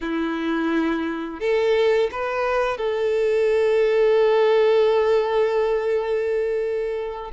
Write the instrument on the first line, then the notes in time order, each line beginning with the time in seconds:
violin
0.01 E4
1.40 A4
2.11 B4
2.77 A4